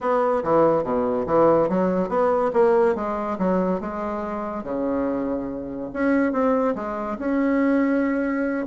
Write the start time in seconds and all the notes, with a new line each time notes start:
0.00 B3
0.43 E3
0.83 B2
1.26 E3
1.69 F#3
2.09 B3
2.53 A#3
2.95 G#3
3.38 F#3
3.80 G#3
4.63 C#3
5.93 C#4
6.32 C4
6.75 G#3
7.19 C#4